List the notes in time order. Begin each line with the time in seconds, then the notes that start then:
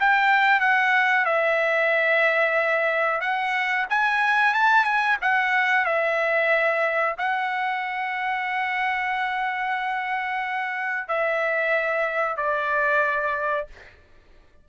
0.00 G5
0.60 F#5
1.25 E5
3.21 F#5
3.90 G#5
4.54 A5
4.84 G#5
5.22 F#5
5.85 E5
7.18 F#5
11.08 E5
12.37 D5